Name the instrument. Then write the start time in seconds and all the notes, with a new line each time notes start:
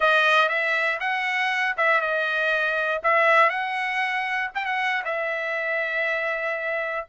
trumpet
0.00 D#5
0.48 E5
1.00 F#5
1.77 E5
2.00 D#5
3.03 E5
3.49 F#5
4.54 G5
4.65 F#5
5.04 E5